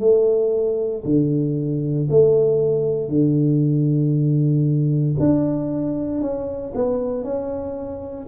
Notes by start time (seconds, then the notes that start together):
0.00 A3
1.04 D3
2.10 A3
3.08 D3
5.19 D4
6.21 C#4
6.74 B3
7.24 C#4